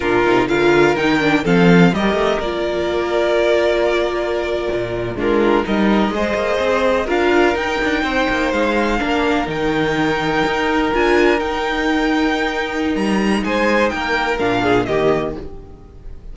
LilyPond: <<
  \new Staff \with { instrumentName = "violin" } { \time 4/4 \tempo 4 = 125 ais'4 f''4 g''4 f''4 | dis''4 d''2.~ | d''2~ d''8. ais'4 dis''16~ | dis''2~ dis''8. f''4 g''16~ |
g''4.~ g''16 f''2 g''16~ | g''2~ g''8. gis''4 g''16~ | g''2. ais''4 | gis''4 g''4 f''4 dis''4 | }
  \new Staff \with { instrumentName = "violin" } { \time 4/4 f'4 ais'2 a'4 | ais'1~ | ais'2~ ais'8. f'4 ais'16~ | ais'8. c''2 ais'4~ ais'16~ |
ais'8. c''2 ais'4~ ais'16~ | ais'1~ | ais'1 | c''4 ais'4. gis'8 g'4 | }
  \new Staff \with { instrumentName = "viola" } { \time 4/4 d'8 dis'8 f'4 dis'8 d'8 c'4 | g'4 f'2.~ | f'2~ f'8. d'4 dis'16~ | dis'8. gis'2 f'4 dis'16~ |
dis'2~ dis'8. d'4 dis'16~ | dis'2~ dis'8. f'4 dis'16~ | dis'1~ | dis'2 d'4 ais4 | }
  \new Staff \with { instrumentName = "cello" } { \time 4/4 ais,8 c8 d4 dis4 f4 | g8 a8 ais2.~ | ais4.~ ais16 ais,4 gis4 g16~ | g8. gis8 ais8 c'4 d'4 dis'16~ |
dis'16 d'8 c'8 ais8 gis4 ais4 dis16~ | dis4.~ dis16 dis'4 d'4 dis'16~ | dis'2. g4 | gis4 ais4 ais,4 dis4 | }
>>